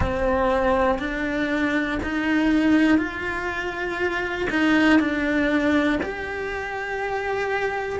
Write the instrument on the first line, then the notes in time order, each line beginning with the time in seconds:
cello
0.00 C4
0.98 D4
2.03 D#4
2.98 F4
4.50 D#4
4.99 D4
6.02 G4